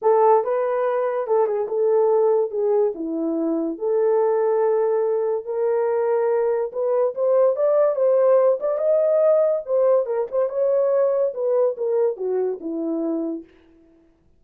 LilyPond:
\new Staff \with { instrumentName = "horn" } { \time 4/4 \tempo 4 = 143 a'4 b'2 a'8 gis'8 | a'2 gis'4 e'4~ | e'4 a'2.~ | a'4 ais'2. |
b'4 c''4 d''4 c''4~ | c''8 d''8 dis''2 c''4 | ais'8 c''8 cis''2 b'4 | ais'4 fis'4 e'2 | }